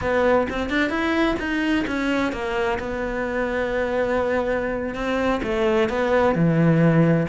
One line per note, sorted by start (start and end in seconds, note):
0.01 0.47 B3
0.49 0.69 C4
0.69 0.89 D4
0.89 1.35 E4
1.39 1.85 D#4
1.87 2.32 C#4
2.32 2.78 A#3
2.79 4.94 B3
4.94 5.40 C4
5.43 5.89 A3
5.89 6.35 B3
6.35 7.27 E3